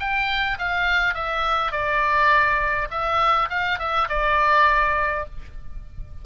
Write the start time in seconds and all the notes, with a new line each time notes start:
0.00 G5
0.59 F5
1.14 E5
1.72 D5
2.91 E5
3.50 F5
3.79 E5
4.09 D5